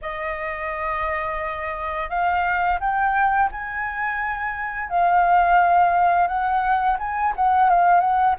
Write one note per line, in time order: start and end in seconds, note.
0.01 2.09 D#5
2.09 2.79 F5
2.80 3.49 G5
3.51 4.89 G#5
4.89 6.27 F5
6.27 6.97 F#5
6.98 7.33 G#5
7.35 7.69 F#5
7.69 8.00 F5
8.00 8.35 F#5